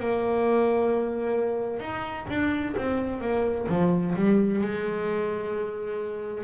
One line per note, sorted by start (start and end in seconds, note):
0.00 1.80 A#3
1.80 2.27 D#4
2.30 2.76 D4
2.78 3.21 C4
3.21 3.68 A#3
3.69 4.15 F3
4.16 4.62 G3
4.62 6.44 G#3